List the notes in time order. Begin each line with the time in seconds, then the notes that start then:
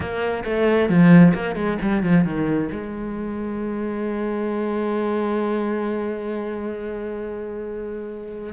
0.00 A#3
0.44 A3
0.89 F3
1.34 A#3
1.55 G#3
1.81 G3
2.03 F3
2.24 D#3
2.71 G#3